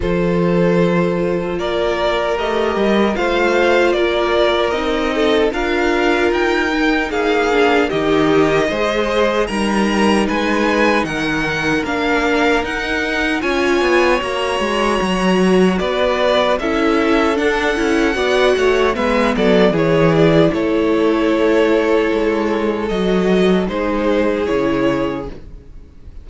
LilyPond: <<
  \new Staff \with { instrumentName = "violin" } { \time 4/4 \tempo 4 = 76 c''2 d''4 dis''4 | f''4 d''4 dis''4 f''4 | g''4 f''4 dis''2 | ais''4 gis''4 fis''4 f''4 |
fis''4 gis''4 ais''2 | d''4 e''4 fis''2 | e''8 d''8 cis''8 d''8 cis''2~ | cis''4 dis''4 c''4 cis''4 | }
  \new Staff \with { instrumentName = "violin" } { \time 4/4 a'2 ais'2 | c''4 ais'4. a'8 ais'4~ | ais'4 gis'4 g'4 c''4 | ais'4 b'4 ais'2~ |
ais'4 cis''2. | b'4 a'2 d''8 cis''8 | b'8 a'8 gis'4 a'2~ | a'2 gis'2 | }
  \new Staff \with { instrumentName = "viola" } { \time 4/4 f'2. g'4 | f'2 dis'4 f'4~ | f'8 dis'4 d'8 dis'4 gis'4 | dis'2. d'4 |
dis'4 f'4 fis'2~ | fis'4 e'4 d'8 e'8 fis'4 | b4 e'2.~ | e'4 fis'4 dis'4 e'4 | }
  \new Staff \with { instrumentName = "cello" } { \time 4/4 f2 ais4 a8 g8 | a4 ais4 c'4 d'4 | dis'4 ais4 dis4 gis4 | g4 gis4 dis4 ais4 |
dis'4 cis'8 b8 ais8 gis8 fis4 | b4 cis'4 d'8 cis'8 b8 a8 | gis8 fis8 e4 a2 | gis4 fis4 gis4 cis4 | }
>>